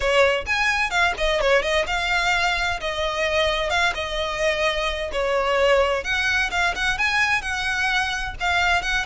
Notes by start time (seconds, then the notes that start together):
0.00 C#5
0.46 G#5
0.90 F5
1.17 D#5
1.40 C#5
1.62 D#5
1.86 F5
2.80 D#5
3.70 F5
3.94 D#5
5.12 C#5
6.04 F#5
6.51 F5
6.75 F#5
6.98 G#5
7.41 F#5
8.40 F5
8.82 F#5